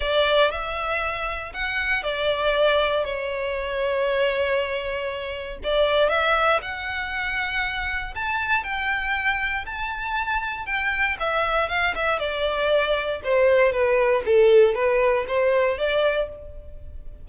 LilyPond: \new Staff \with { instrumentName = "violin" } { \time 4/4 \tempo 4 = 118 d''4 e''2 fis''4 | d''2 cis''2~ | cis''2. d''4 | e''4 fis''2. |
a''4 g''2 a''4~ | a''4 g''4 e''4 f''8 e''8 | d''2 c''4 b'4 | a'4 b'4 c''4 d''4 | }